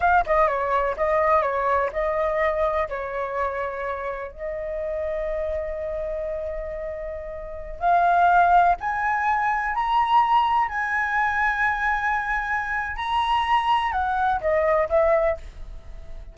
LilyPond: \new Staff \with { instrumentName = "flute" } { \time 4/4 \tempo 4 = 125 f''8 dis''8 cis''4 dis''4 cis''4 | dis''2 cis''2~ | cis''4 dis''2.~ | dis''1~ |
dis''16 f''2 gis''4.~ gis''16~ | gis''16 ais''2 gis''4.~ gis''16~ | gis''2. ais''4~ | ais''4 fis''4 dis''4 e''4 | }